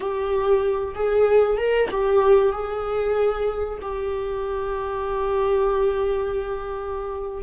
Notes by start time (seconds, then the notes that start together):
0.00 G4
0.94 G#4
1.57 A#4
1.90 G4
2.52 G#4
3.81 G4